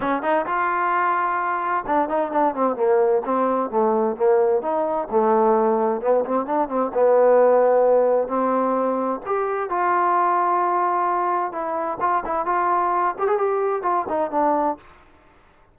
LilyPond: \new Staff \with { instrumentName = "trombone" } { \time 4/4 \tempo 4 = 130 cis'8 dis'8 f'2. | d'8 dis'8 d'8 c'8 ais4 c'4 | a4 ais4 dis'4 a4~ | a4 b8 c'8 d'8 c'8 b4~ |
b2 c'2 | g'4 f'2.~ | f'4 e'4 f'8 e'8 f'4~ | f'8 g'16 gis'16 g'4 f'8 dis'8 d'4 | }